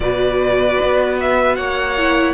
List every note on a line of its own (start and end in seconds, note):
0.00 0.77 B2
0.00 1.97 F#4
0.00 1.56 B4
0.00 1.18 D5
0.82 1.57 B3
1.20 1.55 E5
1.55 2.34 A#3
1.55 2.34 C#5
1.55 2.34 F#5
1.97 2.34 E4